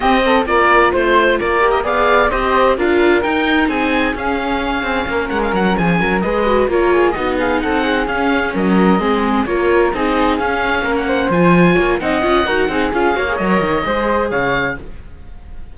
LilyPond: <<
  \new Staff \with { instrumentName = "oboe" } { \time 4/4 \tempo 4 = 130 dis''4 d''4 c''4 d''8. dis''16 | f''4 dis''4 f''4 g''4 | gis''4 f''2~ f''8 fis''16 f''16 | fis''8 gis''4 dis''4 cis''4 dis''8 |
f''8 fis''4 f''4 dis''4.~ | dis''8 cis''4 dis''4 f''4~ f''16 fis''16~ | fis''8 gis''4. fis''2 | f''4 dis''2 f''4 | }
  \new Staff \with { instrumentName = "flute" } { \time 4/4 g'8 a'8 ais'4 c''4 ais'4 | d''4 c''4 ais'2 | gis'2. ais'4~ | ais'8 gis'8 ais'8 b'4 ais'8 gis'8 fis'8 |
gis'8 a'8 gis'4. ais'4 gis'8~ | gis'8 ais'4 gis'2 ais'8 | c''4. cis''8 dis''4 ais'8 gis'8~ | gis'8 cis''4. c''4 cis''4 | }
  \new Staff \with { instrumentName = "viola" } { \time 4/4 c'4 f'2~ f'8 g'8 | gis'4 g'4 f'4 dis'4~ | dis'4 cis'2.~ | cis'4. gis'8 fis'8 f'4 dis'8~ |
dis'4. cis'2 c'8~ | c'8 f'4 dis'4 cis'4.~ | cis'8 f'4. dis'8 f'8 fis'8 dis'8 | f'8 fis'16 gis'16 ais'4 gis'2 | }
  \new Staff \with { instrumentName = "cello" } { \time 4/4 c'4 ais4 a4 ais4 | b4 c'4 d'4 dis'4 | c'4 cis'4. c'8 ais8 gis8 | fis8 f8 fis8 gis4 ais4 b8~ |
b8 c'4 cis'4 fis4 gis8~ | gis8 ais4 c'4 cis'4 ais8~ | ais8 f4 ais8 c'8 cis'8 dis'8 c'8 | cis'8 ais8 fis8 dis8 gis4 cis4 | }
>>